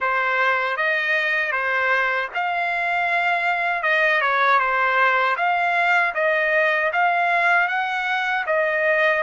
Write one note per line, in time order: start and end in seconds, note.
0.00 0.77 C5
0.77 1.52 D#5
1.52 2.29 C5
2.34 3.83 F5
3.83 4.21 D#5
4.21 4.59 C#5
4.59 5.36 C5
5.36 6.13 F5
6.14 6.91 D#5
6.92 7.67 F5
7.67 8.44 F#5
8.46 9.23 D#5